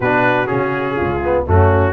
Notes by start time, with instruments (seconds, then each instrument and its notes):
0.00 tuba B2, trombone D4, horn F#4, trumpet B4
0.46 tuba C#3, trombone C#4, trumpet G#4
0.95 tuba C#2, horn F4
1.24 trombone B3
1.46 tuba F#2, trombone A3, horn C#4, trumpet F#4